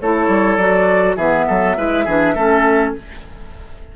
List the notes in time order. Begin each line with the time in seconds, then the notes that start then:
0.00 A3 E4 A4 C#5
0.28 G3
0.56 F#3 F#4 D5
1.16 E3 B3 G#4 E5
1.47 F#3 A4
1.77 G#3 E4 B4
2.05 E3 D4 G#4
2.34 A3 C#4 A4